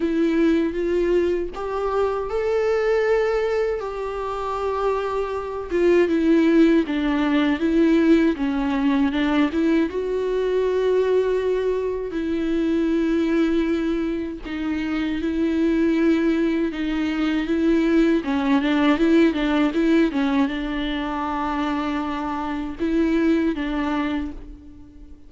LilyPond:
\new Staff \with { instrumentName = "viola" } { \time 4/4 \tempo 4 = 79 e'4 f'4 g'4 a'4~ | a'4 g'2~ g'8 f'8 | e'4 d'4 e'4 cis'4 | d'8 e'8 fis'2. |
e'2. dis'4 | e'2 dis'4 e'4 | cis'8 d'8 e'8 d'8 e'8 cis'8 d'4~ | d'2 e'4 d'4 | }